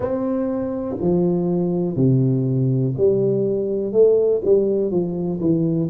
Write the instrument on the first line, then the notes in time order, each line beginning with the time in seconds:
tuba
0.00 C4
1.00 F3
1.96 C3
2.97 G3
3.92 A3
4.44 G3
4.90 F3
5.40 E3